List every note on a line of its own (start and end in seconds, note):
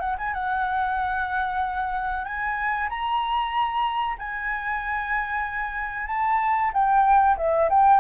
0.00 0.16 F#5
0.18 0.34 G#5
0.34 2.25 F#5
2.25 2.89 G#5
2.89 4.17 A#5
4.18 6.08 G#5
6.08 6.71 A5
6.73 7.37 G5
7.37 7.69 E5
7.70 8.00 G5